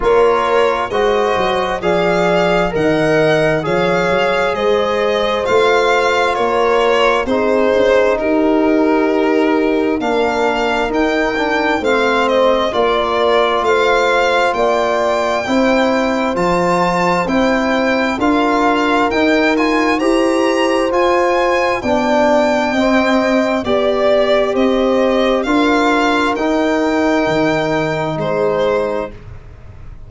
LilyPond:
<<
  \new Staff \with { instrumentName = "violin" } { \time 4/4 \tempo 4 = 66 cis''4 dis''4 f''4 fis''4 | f''4 dis''4 f''4 cis''4 | c''4 ais'2 f''4 | g''4 f''8 dis''8 d''4 f''4 |
g''2 a''4 g''4 | f''4 g''8 gis''8 ais''4 gis''4 | g''2 d''4 dis''4 | f''4 g''2 c''4 | }
  \new Staff \with { instrumentName = "horn" } { \time 4/4 ais'4 c''4 d''4 dis''4 | cis''4 c''2 ais'4 | gis'4 g'2 ais'4~ | ais'4 c''4 ais'4 c''4 |
d''4 c''2. | ais'2 c''2 | d''4 dis''4 d''4 c''4 | ais'2. gis'4 | }
  \new Staff \with { instrumentName = "trombone" } { \time 4/4 f'4 fis'4 gis'4 ais'4 | gis'2 f'2 | dis'2. d'4 | dis'8 d'8 c'4 f'2~ |
f'4 e'4 f'4 e'4 | f'4 dis'8 f'8 g'4 f'4 | d'4 c'4 g'2 | f'4 dis'2. | }
  \new Staff \with { instrumentName = "tuba" } { \time 4/4 ais4 gis8 fis8 f4 dis4 | f8 fis8 gis4 a4 ais4 | c'8 cis'8 dis'2 ais4 | dis'4 a4 ais4 a4 |
ais4 c'4 f4 c'4 | d'4 dis'4 e'4 f'4 | b4 c'4 b4 c'4 | d'4 dis'4 dis4 gis4 | }
>>